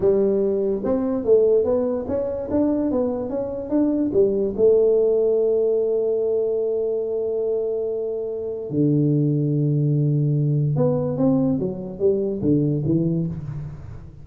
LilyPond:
\new Staff \with { instrumentName = "tuba" } { \time 4/4 \tempo 4 = 145 g2 c'4 a4 | b4 cis'4 d'4 b4 | cis'4 d'4 g4 a4~ | a1~ |
a1~ | a4 d2.~ | d2 b4 c'4 | fis4 g4 d4 e4 | }